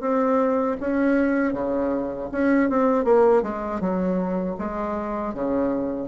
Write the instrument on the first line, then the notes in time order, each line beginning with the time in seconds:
bassoon
0.00 C4
0.80 C#4
1.53 C#3
2.32 C#4
2.69 C4
3.04 A#3
3.42 G#3
3.80 F#3
4.58 G#3
5.33 C#3